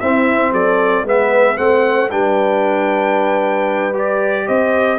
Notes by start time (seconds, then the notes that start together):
0.00 C4 E4 E5
0.52 F#3 A4 D5
1.04 G#3 B3 B4 E5
1.57 A3 C4 C5 F#5
2.11 G3 D4 B4 G5
3.93 G4 D5
4.47 C4 C5 D#5